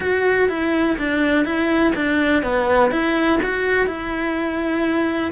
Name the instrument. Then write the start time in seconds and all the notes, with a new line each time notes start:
cello
0.00 F#4
0.48 E4
0.98 D4
1.45 E4
1.95 D4
2.42 B3
2.91 E4
3.42 F#4
3.86 E4